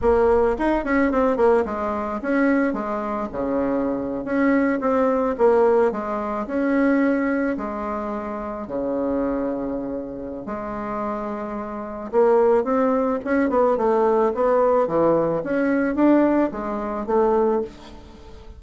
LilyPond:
\new Staff \with { instrumentName = "bassoon" } { \time 4/4 \tempo 4 = 109 ais4 dis'8 cis'8 c'8 ais8 gis4 | cis'4 gis4 cis4.~ cis16 cis'16~ | cis'8. c'4 ais4 gis4 cis'16~ | cis'4.~ cis'16 gis2 cis16~ |
cis2. gis4~ | gis2 ais4 c'4 | cis'8 b8 a4 b4 e4 | cis'4 d'4 gis4 a4 | }